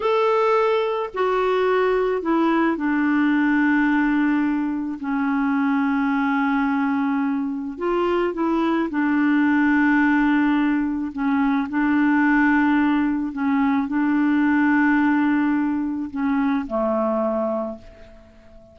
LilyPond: \new Staff \with { instrumentName = "clarinet" } { \time 4/4 \tempo 4 = 108 a'2 fis'2 | e'4 d'2.~ | d'4 cis'2.~ | cis'2 f'4 e'4 |
d'1 | cis'4 d'2. | cis'4 d'2.~ | d'4 cis'4 a2 | }